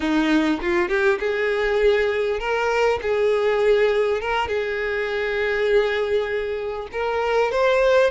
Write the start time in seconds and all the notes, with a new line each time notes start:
0.00 D#4
0.61 F4
0.88 G4
1.20 G#4
2.39 A#4
3.02 G#4
4.20 A#4
4.48 G#4
6.92 A#4
7.51 C5